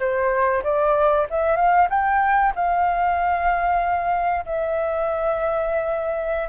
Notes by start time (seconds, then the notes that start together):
0.00 C5
0.64 D5
1.31 E5
1.57 F5
1.90 G5
2.56 F5
4.46 E5